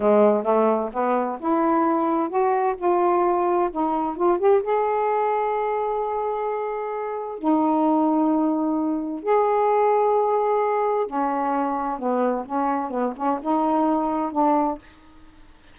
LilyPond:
\new Staff \with { instrumentName = "saxophone" } { \time 4/4 \tempo 4 = 130 gis4 a4 b4 e'4~ | e'4 fis'4 f'2 | dis'4 f'8 g'8 gis'2~ | gis'1 |
dis'1 | gis'1 | cis'2 b4 cis'4 | b8 cis'8 dis'2 d'4 | }